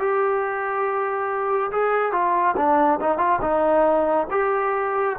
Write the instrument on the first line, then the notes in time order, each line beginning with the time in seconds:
trombone
0.00 G4
1.72 G#4
2.13 F4
2.57 D4
3.01 D#4
3.18 F4
3.42 D#4
4.31 G4